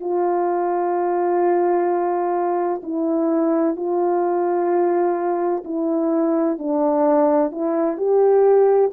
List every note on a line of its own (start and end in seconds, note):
0.00 2.81 F4
2.83 3.76 E4
3.76 5.63 F4
5.65 6.58 E4
6.58 7.51 D4
7.51 7.97 E4
7.97 8.91 G4